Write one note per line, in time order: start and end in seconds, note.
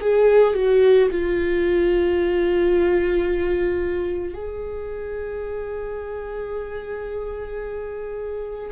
0.00 0.54 G#4
0.54 1.08 F#4
1.11 4.34 F4
4.34 8.70 G#4